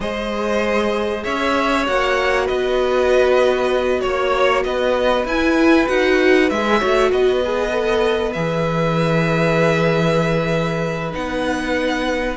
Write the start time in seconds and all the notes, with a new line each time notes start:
0.00 G#3 G#4 C5 D#5
1.23 C#4 C#5 E5
1.85 A#3 F#4 F#5
2.45 B3 B4 D#5
4.00 A#3 C#5
4.63 B3 B4 D#5
5.24 E4 G#5
5.88 D#4 F#4 F#5
6.49 G#3 G#4 E5
6.79 A3 F#4 C#5
7.11 B3 B4 D#5
7.43 G#4
7.70 A4
8.32 E3 G#4 E5
11.11 B3 D#4 F#5